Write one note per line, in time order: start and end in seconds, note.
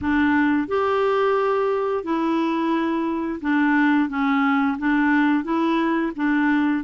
0.01 0.68 D4
0.68 2.03 G4
2.03 3.39 E4
3.41 4.09 D4
4.09 4.77 C#4
4.78 5.44 D4
5.44 6.12 E4
6.16 6.84 D4